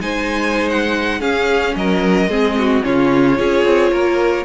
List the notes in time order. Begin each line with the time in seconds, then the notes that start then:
0.00 G#3 D#4 C5 G#5
0.70 F#5
1.19 C#4 G#4 F5
1.75 F#3 A#4 D#5
2.28 G#3 C4 G#4
2.58 F#4
2.83 C#3 C#4 F4 C#5
3.36 C#4 F4 G#4
3.65 C4
3.91 A#3 A#4